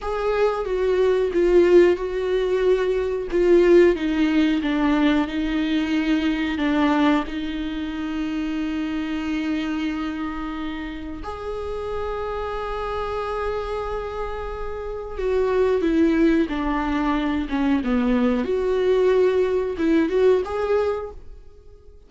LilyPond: \new Staff \with { instrumentName = "viola" } { \time 4/4 \tempo 4 = 91 gis'4 fis'4 f'4 fis'4~ | fis'4 f'4 dis'4 d'4 | dis'2 d'4 dis'4~ | dis'1~ |
dis'4 gis'2.~ | gis'2. fis'4 | e'4 d'4. cis'8 b4 | fis'2 e'8 fis'8 gis'4 | }